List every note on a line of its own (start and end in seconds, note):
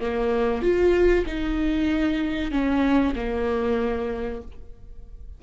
0.00 0.62 A#3
0.62 1.25 F4
1.26 2.51 D#4
2.51 3.14 C#4
3.15 4.41 A#3